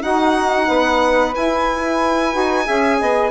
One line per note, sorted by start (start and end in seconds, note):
0.00 0.67 D#4
0.00 1.33 D#4
0.00 0.66 F#4
0.00 1.34 F#5
0.67 1.35 B3
0.67 2.64 B4
1.35 2.31 E4
1.35 2.35 E4
1.35 3.30 G#5
2.31 2.68 D#4
2.31 2.64 F#4
2.64 3.00 C#4
2.64 3.30 G#4
2.64 2.98 E5
3.00 3.30 B3
3.00 3.30 D#5